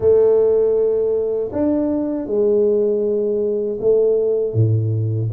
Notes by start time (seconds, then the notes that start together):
0.00 A3
1.52 D4
2.26 G#3
3.80 A3
4.54 A2